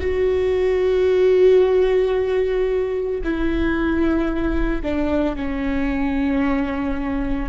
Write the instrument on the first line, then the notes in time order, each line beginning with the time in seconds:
viola
0.00 F#4
3.23 E4
4.82 D4
5.36 C#4